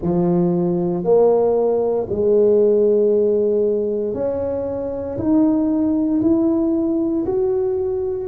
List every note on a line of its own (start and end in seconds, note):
0.01 1.03 F3
1.03 2.07 A#3
2.09 4.14 G#3
4.14 5.17 C#4
5.17 6.21 D#4
6.21 7.25 E4
7.26 8.28 F#4